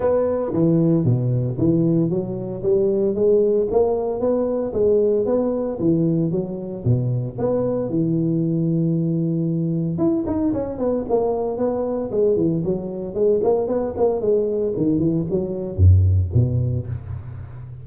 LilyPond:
\new Staff \with { instrumentName = "tuba" } { \time 4/4 \tempo 4 = 114 b4 e4 b,4 e4 | fis4 g4 gis4 ais4 | b4 gis4 b4 e4 | fis4 b,4 b4 e4~ |
e2. e'8 dis'8 | cis'8 b8 ais4 b4 gis8 e8 | fis4 gis8 ais8 b8 ais8 gis4 | dis8 e8 fis4 fis,4 b,4 | }